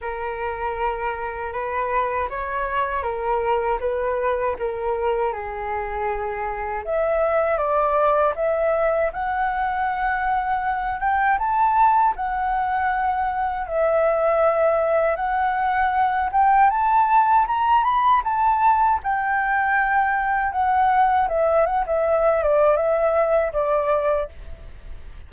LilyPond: \new Staff \with { instrumentName = "flute" } { \time 4/4 \tempo 4 = 79 ais'2 b'4 cis''4 | ais'4 b'4 ais'4 gis'4~ | gis'4 e''4 d''4 e''4 | fis''2~ fis''8 g''8 a''4 |
fis''2 e''2 | fis''4. g''8 a''4 ais''8 b''8 | a''4 g''2 fis''4 | e''8 fis''16 e''8. d''8 e''4 d''4 | }